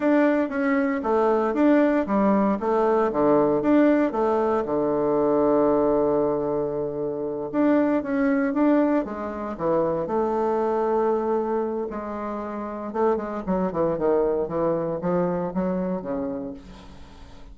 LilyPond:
\new Staff \with { instrumentName = "bassoon" } { \time 4/4 \tempo 4 = 116 d'4 cis'4 a4 d'4 | g4 a4 d4 d'4 | a4 d2.~ | d2~ d8 d'4 cis'8~ |
cis'8 d'4 gis4 e4 a8~ | a2. gis4~ | gis4 a8 gis8 fis8 e8 dis4 | e4 f4 fis4 cis4 | }